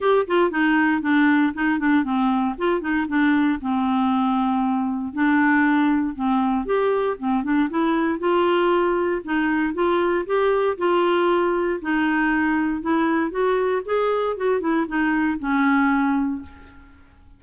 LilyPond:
\new Staff \with { instrumentName = "clarinet" } { \time 4/4 \tempo 4 = 117 g'8 f'8 dis'4 d'4 dis'8 d'8 | c'4 f'8 dis'8 d'4 c'4~ | c'2 d'2 | c'4 g'4 c'8 d'8 e'4 |
f'2 dis'4 f'4 | g'4 f'2 dis'4~ | dis'4 e'4 fis'4 gis'4 | fis'8 e'8 dis'4 cis'2 | }